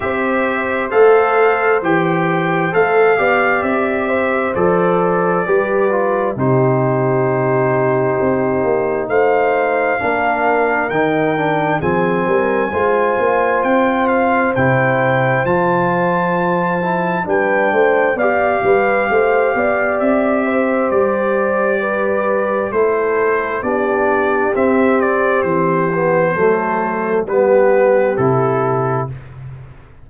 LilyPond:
<<
  \new Staff \with { instrumentName = "trumpet" } { \time 4/4 \tempo 4 = 66 e''4 f''4 g''4 f''4 | e''4 d''2 c''4~ | c''2 f''2 | g''4 gis''2 g''8 f''8 |
g''4 a''2 g''4 | f''2 e''4 d''4~ | d''4 c''4 d''4 e''8 d''8 | c''2 b'4 a'4 | }
  \new Staff \with { instrumentName = "horn" } { \time 4/4 c''2.~ c''8 d''8~ | d''8 c''4. b'4 g'4~ | g'2 c''4 ais'4~ | ais'4 gis'8 ais'8 c''2~ |
c''2. b'8 c''8 | d''8 b'8 c''8 d''4 c''4. | b'4 a'4 g'2~ | g'4 a'4 g'2 | }
  \new Staff \with { instrumentName = "trombone" } { \time 4/4 g'4 a'4 g'4 a'8 g'8~ | g'4 a'4 g'8 f'8 dis'4~ | dis'2. d'4 | dis'8 d'8 c'4 f'2 |
e'4 f'4. e'8 d'4 | g'1~ | g'4 e'4 d'4 c'4~ | c'8 b8 a4 b4 e'4 | }
  \new Staff \with { instrumentName = "tuba" } { \time 4/4 c'4 a4 e4 a8 b8 | c'4 f4 g4 c4~ | c4 c'8 ais8 a4 ais4 | dis4 f8 g8 gis8 ais8 c'4 |
c4 f2 g8 a8 | b8 g8 a8 b8 c'4 g4~ | g4 a4 b4 c'4 | e4 fis4 g4 c4 | }
>>